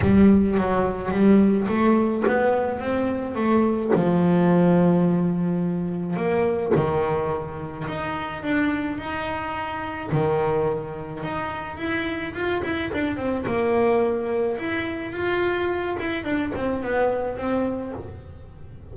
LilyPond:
\new Staff \with { instrumentName = "double bass" } { \time 4/4 \tempo 4 = 107 g4 fis4 g4 a4 | b4 c'4 a4 f4~ | f2. ais4 | dis2 dis'4 d'4 |
dis'2 dis2 | dis'4 e'4 f'8 e'8 d'8 c'8 | ais2 e'4 f'4~ | f'8 e'8 d'8 c'8 b4 c'4 | }